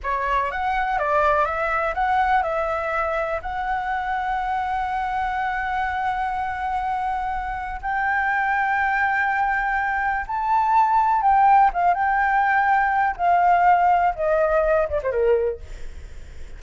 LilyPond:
\new Staff \with { instrumentName = "flute" } { \time 4/4 \tempo 4 = 123 cis''4 fis''4 d''4 e''4 | fis''4 e''2 fis''4~ | fis''1~ | fis''1 |
g''1~ | g''4 a''2 g''4 | f''8 g''2~ g''8 f''4~ | f''4 dis''4. d''16 c''16 ais'4 | }